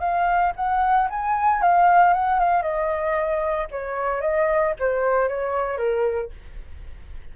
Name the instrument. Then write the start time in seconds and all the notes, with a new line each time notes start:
flute
0.00 F5
0.56 F#5
1.10 G#5
1.62 F5
2.14 F#5
2.39 F5
2.62 D#5
3.71 C#5
4.21 D#5
4.79 C5
5.29 C#5
5.78 A#4